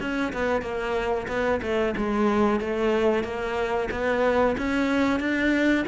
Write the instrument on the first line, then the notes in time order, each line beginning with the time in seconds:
cello
0.00 C#4
0.33 B3
0.62 A#3
1.28 B3
1.62 A3
1.97 G#3
2.60 A3
3.23 A#3
3.91 B3
4.57 C#4
5.19 D4